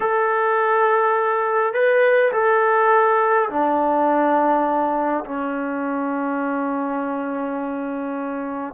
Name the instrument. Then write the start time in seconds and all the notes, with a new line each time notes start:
trombone
0.00 A4
1.73 B4
2.32 A4
3.49 D4
5.24 C#4